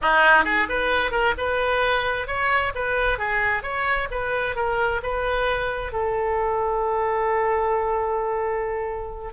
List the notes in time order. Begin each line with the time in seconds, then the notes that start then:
0.01 D#4
0.44 G#4
0.68 B4
1.11 A#4
1.37 B4
2.27 C#5
2.74 B4
3.18 G#4
3.62 C#5
4.11 B4
4.55 A#4
5.02 B4
5.92 A4